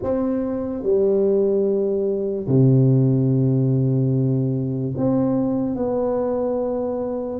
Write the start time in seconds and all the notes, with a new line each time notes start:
0.02 C4
0.82 G3
2.47 C3
4.97 C4
5.75 B3